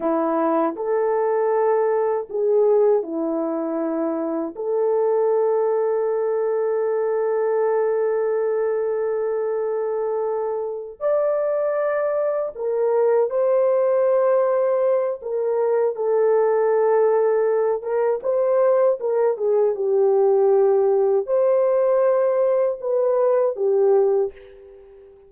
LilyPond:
\new Staff \with { instrumentName = "horn" } { \time 4/4 \tempo 4 = 79 e'4 a'2 gis'4 | e'2 a'2~ | a'1~ | a'2~ a'8 d''4.~ |
d''8 ais'4 c''2~ c''8 | ais'4 a'2~ a'8 ais'8 | c''4 ais'8 gis'8 g'2 | c''2 b'4 g'4 | }